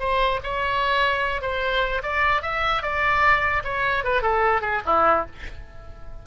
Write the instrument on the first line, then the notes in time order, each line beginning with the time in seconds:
oboe
0.00 C5
0.44 C#5
1.42 C5
2.03 D5
2.42 E5
2.83 D5
3.64 C#5
4.04 B4
4.22 A4
4.62 G#4
4.86 E4